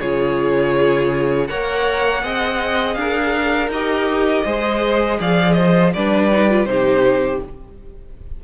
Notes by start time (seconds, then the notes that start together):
0.00 C#3 F4 G#4 C#5
1.47 A#3 A#4 C#5 F#5
2.23 C4 G#4 D#5
2.94 D4 A#4 F5
3.69 D#4 G4 D#5
4.45 G#3 G#4 C5
5.20 F3 D5 F5
5.53 C5 D#5
5.94 G3 D4 B4 D5
6.32 D#4
6.50 F4
6.66 C3 D#4 G4 C5